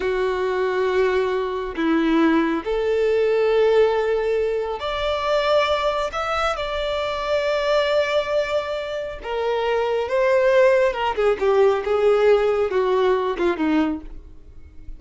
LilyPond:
\new Staff \with { instrumentName = "violin" } { \time 4/4 \tempo 4 = 137 fis'1 | e'2 a'2~ | a'2. d''4~ | d''2 e''4 d''4~ |
d''1~ | d''4 ais'2 c''4~ | c''4 ais'8 gis'8 g'4 gis'4~ | gis'4 fis'4. f'8 dis'4 | }